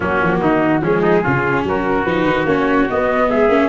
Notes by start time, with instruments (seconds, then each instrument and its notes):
0.00 tuba F#3, viola A#3, trumpet C#4, flute F#4
0.21 tuba F3
0.40 tuba D#3, trumpet D#4
0.81 tuba F3, viola G#3, trumpet C#4, flute G#4
1.02 trumpet D#4
1.23 tuba C#3, viola C#4, trumpet F4
1.63 tuba F#3, trumpet F#4, flute A#4
2.04 tuba F3, viola D#4, flute B4
2.24 tuba D#3
2.45 tuba A#3, viola C#4, flute C#5
2.89 viola B3, tuba B3, flute D#5
3.29 tuba G#3, trumpet G#4, flute E5
3.48 tuba A#3, viola C#4